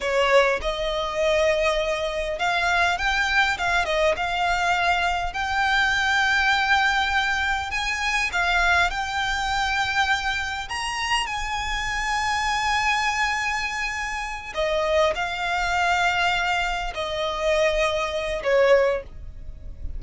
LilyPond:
\new Staff \with { instrumentName = "violin" } { \time 4/4 \tempo 4 = 101 cis''4 dis''2. | f''4 g''4 f''8 dis''8 f''4~ | f''4 g''2.~ | g''4 gis''4 f''4 g''4~ |
g''2 ais''4 gis''4~ | gis''1~ | gis''8 dis''4 f''2~ f''8~ | f''8 dis''2~ dis''8 cis''4 | }